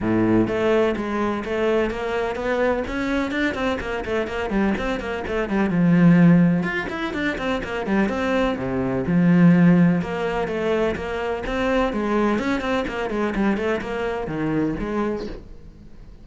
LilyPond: \new Staff \with { instrumentName = "cello" } { \time 4/4 \tempo 4 = 126 a,4 a4 gis4 a4 | ais4 b4 cis'4 d'8 c'8 | ais8 a8 ais8 g8 c'8 ais8 a8 g8 | f2 f'8 e'8 d'8 c'8 |
ais8 g8 c'4 c4 f4~ | f4 ais4 a4 ais4 | c'4 gis4 cis'8 c'8 ais8 gis8 | g8 a8 ais4 dis4 gis4 | }